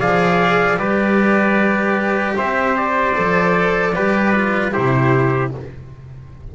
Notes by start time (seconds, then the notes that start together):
0.00 F3 G#4 D5 F5
0.77 G3 G4 B4 D5
2.37 C4 C5 E5
2.77 D5
3.15 F3 A4
3.95 G3 G4 B4
4.36 F4
4.72 C3 E4 G4 C5